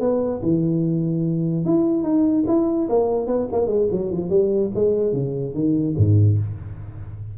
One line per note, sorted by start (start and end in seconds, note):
0.00 0.41 B3
0.42 1.65 E3
1.65 2.03 E4
2.03 2.45 D#4
2.47 2.88 E4
2.89 3.27 A#3
3.27 3.48 B3
3.52 3.67 A#3
3.67 3.88 G#3
3.91 4.11 F#3
4.11 4.30 F3
4.30 4.71 G3
4.75 5.13 G#3
5.13 5.54 C#3
5.54 5.95 D#3
5.97 6.38 G#2